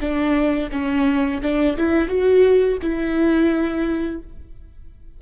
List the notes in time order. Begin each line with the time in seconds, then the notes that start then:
0.00 D4
0.72 C#4
1.42 D4
1.77 E4
2.08 F#4
2.82 E4